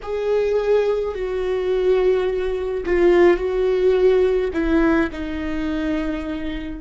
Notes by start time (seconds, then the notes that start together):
0.02 G#4
1.14 F#4
2.86 F4
3.37 F#4
4.53 E4
5.11 D#4